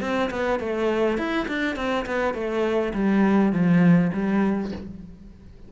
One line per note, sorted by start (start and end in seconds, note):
0.00 0.29 C4
0.30 0.59 B3
0.59 1.17 A3
1.17 1.47 E4
1.48 1.76 D4
1.76 2.05 C4
2.06 2.34 B3
2.34 2.93 A3
2.93 3.52 G3
3.52 4.11 F3
4.12 4.71 G3